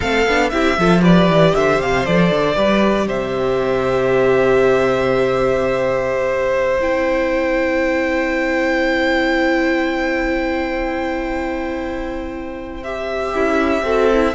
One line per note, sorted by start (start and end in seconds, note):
0.00 0.26 A3
0.00 0.27 C4
0.00 0.50 A4
0.00 0.49 F5
0.26 0.52 B3
0.26 0.51 D4
0.49 0.77 C4
0.49 0.77 E4
0.49 0.78 G4
0.49 1.00 E5
0.77 1.27 F3
0.77 1.00 F4
0.77 1.01 A4
1.00 2.03 G4
1.00 1.52 B4
1.00 1.55 D5
1.27 1.53 E3
1.55 1.81 D3
1.55 2.55 C5
1.55 1.80 E5
1.80 2.06 C3
1.80 2.05 F5
2.05 2.31 F3
2.05 2.54 A4
2.05 3.08 D5
2.31 2.56 D3
2.54 3.07 G3
2.54 6.78 G4
2.54 3.06 B4
3.07 6.79 C3
3.07 13.33 C5
3.07 6.80 E5
6.79 13.33 C4
6.79 12.82 E4
6.79 12.83 G5
12.83 13.85 G4
12.83 14.35 E5
13.34 13.82 C#4
13.34 13.84 E4
13.82 14.34 C4
13.82 14.11 F#4
13.82 14.35 A4
14.13 14.35 E4